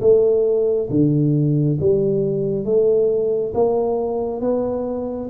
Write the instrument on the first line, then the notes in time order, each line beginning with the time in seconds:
tuba
0.00 A3
0.89 D3
1.80 G3
2.64 A3
3.54 A#3
4.41 B3